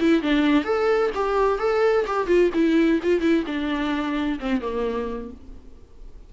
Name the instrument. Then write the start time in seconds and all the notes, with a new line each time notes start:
viola
0.00 E4
0.23 D4
0.64 A4
1.15 G4
1.59 A4
2.07 G4
2.27 F4
2.54 E4
3.03 F4
3.21 E4
3.47 D4
4.40 C4
4.61 A#3